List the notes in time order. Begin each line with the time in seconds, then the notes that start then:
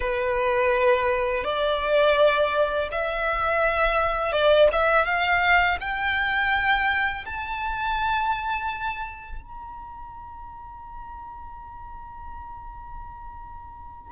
0.00 B4
1.44 D5
2.91 E5
4.32 D5
4.72 E5
5.05 F5
5.80 G5
7.25 A5
9.42 A#5